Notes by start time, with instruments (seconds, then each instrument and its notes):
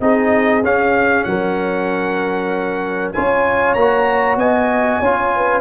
0.00 tuba C4, trombone D#4, horn G#4, trumpet D#5
0.62 tuba C#4, trombone C#4, trumpet F5
1.24 tuba F#3, horn A#4, trumpet F#5
3.12 tuba C#4, trombone F4, horn C#5, trumpet G#5
3.74 tuba A#3, trombone F#4, trumpet A#5
4.36 tuba B3, horn D#5, trumpet G#5
5.00 tuba C#4, trombone F4, horn C#5
5.35 horn B4